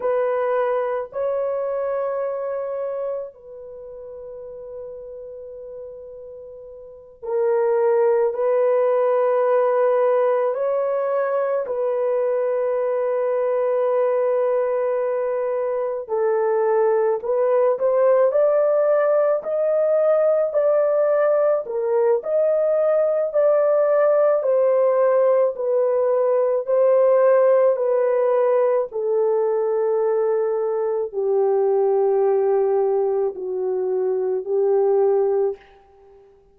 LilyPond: \new Staff \with { instrumentName = "horn" } { \time 4/4 \tempo 4 = 54 b'4 cis''2 b'4~ | b'2~ b'8 ais'4 b'8~ | b'4. cis''4 b'4.~ | b'2~ b'8 a'4 b'8 |
c''8 d''4 dis''4 d''4 ais'8 | dis''4 d''4 c''4 b'4 | c''4 b'4 a'2 | g'2 fis'4 g'4 | }